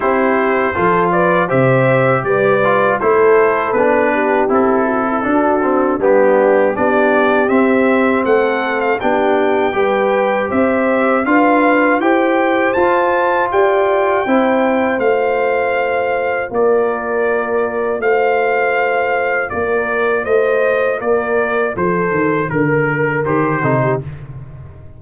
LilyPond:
<<
  \new Staff \with { instrumentName = "trumpet" } { \time 4/4 \tempo 4 = 80 c''4. d''8 e''4 d''4 | c''4 b'4 a'2 | g'4 d''4 e''4 fis''8. f''16 | g''2 e''4 f''4 |
g''4 a''4 g''2 | f''2 d''2 | f''2 d''4 dis''4 | d''4 c''4 ais'4 c''4 | }
  \new Staff \with { instrumentName = "horn" } { \time 4/4 g'4 a'8 b'8 c''4 b'4 | a'4. g'4 fis'16 e'16 fis'4 | d'4 g'2 a'4 | g'4 b'4 c''4 b'4 |
c''2 d''4 c''4~ | c''2 ais'2 | c''2 ais'4 c''4 | ais'4 a'4 ais'4. a'16 g'16 | }
  \new Staff \with { instrumentName = "trombone" } { \time 4/4 e'4 f'4 g'4. f'8 | e'4 d'4 e'4 d'8 c'8 | b4 d'4 c'2 | d'4 g'2 f'4 |
g'4 f'2 e'4 | f'1~ | f'1~ | f'2. g'8 dis'8 | }
  \new Staff \with { instrumentName = "tuba" } { \time 4/4 c'4 f4 c4 g4 | a4 b4 c'4 d'4 | g4 b4 c'4 a4 | b4 g4 c'4 d'4 |
e'4 f'4 g'4 c'4 | a2 ais2 | a2 ais4 a4 | ais4 f8 dis8 d4 dis8 c8 | }
>>